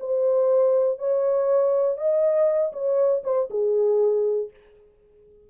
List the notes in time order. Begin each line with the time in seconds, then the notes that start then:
0.00 C5
0.99 C#5
1.97 D#5
2.73 C#5
3.24 C5
3.51 G#4